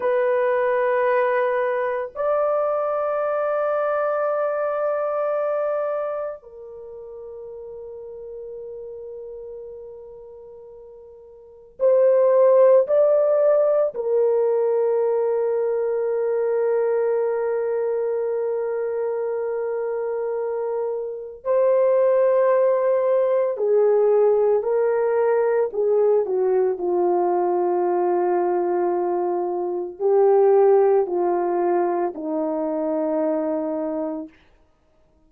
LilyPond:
\new Staff \with { instrumentName = "horn" } { \time 4/4 \tempo 4 = 56 b'2 d''2~ | d''2 ais'2~ | ais'2. c''4 | d''4 ais'2.~ |
ais'1 | c''2 gis'4 ais'4 | gis'8 fis'8 f'2. | g'4 f'4 dis'2 | }